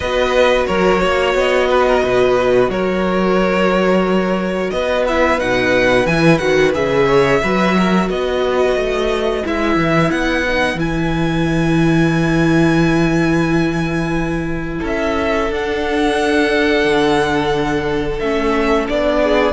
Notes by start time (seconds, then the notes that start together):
0.00 B3 F#4 B4 D#5
0.66 F#3 A#4 C#5
1.00 A#3 C#5
1.34 B3 D#5
1.69 B4
1.87 A#4
2.03 B2 B4
2.68 F#3 A#4 C#5
4.70 B3 B4 D#5
5.07 E4 E5
5.37 B2 D#4 F#5
6.05 E3 E4 G#5
6.37 D#3 F#4 F#5
6.73 C#3 G#4 E5
7.06 C#5
7.43 F#3 F#4 B4
7.78 A#4
8.09 B3 B4 D#5
8.75 A3
9.44 G#3 E4 E5
9.76 E3
10.11 B3 F#5
10.47 D#4
10.74 E3 E4 G#5
14.80 C#4 A4
14.86 E5
15.50 D4 F#5
16.84 D3
18.19 A3 C#4 E5
18.88 B3 D4 D5
19.23 G#4